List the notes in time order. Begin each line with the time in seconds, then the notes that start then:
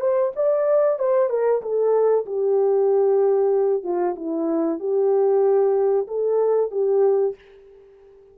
0.00 C5
0.36 D5
0.99 C5
1.29 A#4
1.62 A4
2.26 G4
3.83 F4
4.16 E4
4.79 G4
6.07 A4
6.71 G4